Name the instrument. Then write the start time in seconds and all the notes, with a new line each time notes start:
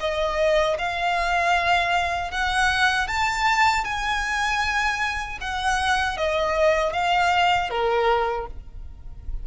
violin
0.00 D#5
0.78 F5
2.31 F#5
3.07 A5
3.84 G#5
5.41 F#5
6.17 D#5
6.93 F5
7.70 A#4